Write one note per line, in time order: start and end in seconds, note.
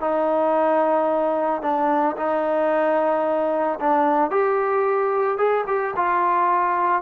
0.00 1.62 D#4
1.62 2.16 D4
2.16 3.79 D#4
3.80 4.30 D4
4.30 5.38 G4
5.38 5.65 G#4
5.67 5.94 G4
5.96 7.02 F4